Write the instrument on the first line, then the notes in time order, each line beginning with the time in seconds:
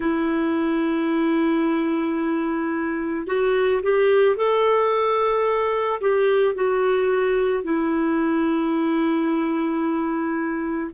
clarinet
0.00 E4
3.27 F#4
3.82 G4
4.36 A4
6.00 G4
6.55 F#4
7.63 E4